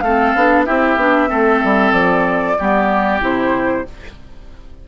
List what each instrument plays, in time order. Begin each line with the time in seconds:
0.00 bassoon A3, clarinet C4, oboe A4, flute F5
0.35 bassoon B3, clarinet D4
0.65 bassoon C4, clarinet E4, oboe G4, flute E5
0.97 bassoon B3, clarinet D4
1.28 bassoon A3, clarinet C4, oboe A4
1.64 bassoon G3
1.92 bassoon F3, flute D5
2.59 bassoon G3, clarinet B3, oboe G4
3.21 bassoon C3, clarinet E4, flute C5